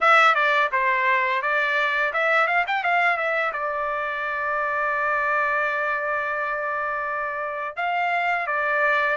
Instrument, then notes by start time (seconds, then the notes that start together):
trumpet
0.01 E5
0.34 D5
0.72 C5
1.41 D5
2.13 E5
2.47 F5
2.67 G5
2.83 F5
3.17 E5
3.53 D5
7.76 F5
8.46 D5